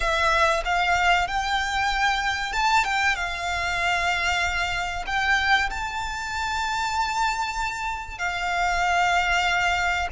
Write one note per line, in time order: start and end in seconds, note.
0.00 0.63 E5
0.64 1.27 F5
1.27 2.52 G5
2.52 2.84 A5
2.84 3.16 G5
3.16 5.05 F5
5.06 5.69 G5
5.70 8.18 A5
8.18 10.08 F5